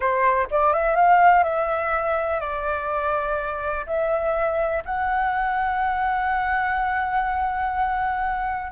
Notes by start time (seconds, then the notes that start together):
0.00 C5
0.50 D5
0.73 E5
0.95 F5
1.43 E5
2.40 D5
3.86 E5
4.85 F#5